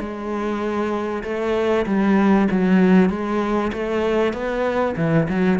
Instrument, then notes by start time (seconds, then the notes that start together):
cello
0.00 G#3
1.24 A3
1.86 G3
2.51 F#3
3.10 G#3
3.73 A3
4.34 B3
4.97 E3
5.29 F#3